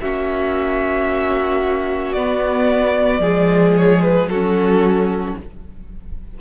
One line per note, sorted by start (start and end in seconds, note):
0.00 2.15 A#3
0.00 2.17 C#4
0.00 3.21 F#4
0.00 2.13 E5
2.13 3.19 B3
2.13 3.23 B3
2.13 3.74 D5
3.19 4.27 F3
3.19 4.30 G#3
3.19 4.28 G#4
3.77 4.02 C#5
4.02 4.28 B4
4.27 5.34 F#3
4.27 5.38 F#4
4.27 5.35 A4
4.33 5.40 C#4